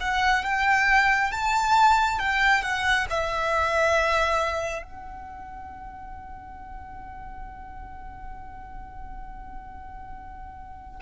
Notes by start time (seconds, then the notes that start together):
0.00 F#5
0.44 G5
1.32 A5
2.19 G5
2.63 F#5
3.10 E5
4.83 F#5